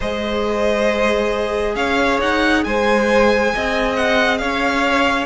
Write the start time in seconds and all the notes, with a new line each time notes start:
0.00 G#3 G#4 C5 D#5
1.75 C#4 C#5 F5
2.21 D#4 F#5
2.63 G#3 C5 G#5
3.54 C4 D#5
3.96 F#5
4.38 C#4 C#5 F5